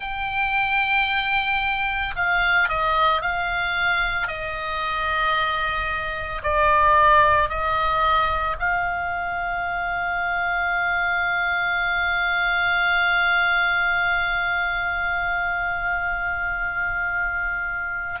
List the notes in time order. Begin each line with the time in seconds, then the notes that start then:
0.00 G5
2.15 F5
2.68 D#5
3.21 F5
4.27 D#5
6.42 D5
7.49 D#5
8.59 F5